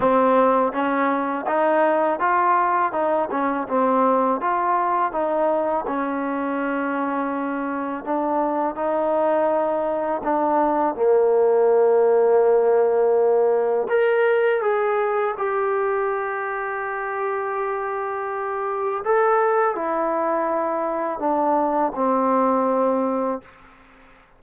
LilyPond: \new Staff \with { instrumentName = "trombone" } { \time 4/4 \tempo 4 = 82 c'4 cis'4 dis'4 f'4 | dis'8 cis'8 c'4 f'4 dis'4 | cis'2. d'4 | dis'2 d'4 ais4~ |
ais2. ais'4 | gis'4 g'2.~ | g'2 a'4 e'4~ | e'4 d'4 c'2 | }